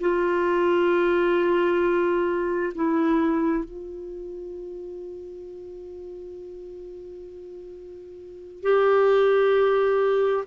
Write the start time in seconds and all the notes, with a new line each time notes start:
0.00 F4
2.74 E4
3.64 F4
8.62 G4